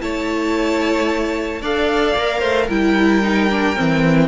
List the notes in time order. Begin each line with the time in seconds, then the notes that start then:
0.00 A3 E4 C#5 A5
1.61 D4 A4 D5 F5
2.16 A#3 A#4
2.39 A3 C5
2.67 G3 E4 A#4 G5
3.23 D#4
3.50 D4
3.75 E3 C4